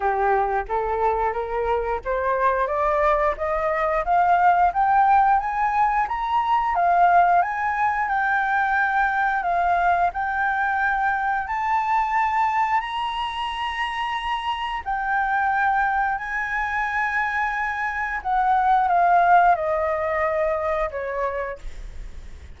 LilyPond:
\new Staff \with { instrumentName = "flute" } { \time 4/4 \tempo 4 = 89 g'4 a'4 ais'4 c''4 | d''4 dis''4 f''4 g''4 | gis''4 ais''4 f''4 gis''4 | g''2 f''4 g''4~ |
g''4 a''2 ais''4~ | ais''2 g''2 | gis''2. fis''4 | f''4 dis''2 cis''4 | }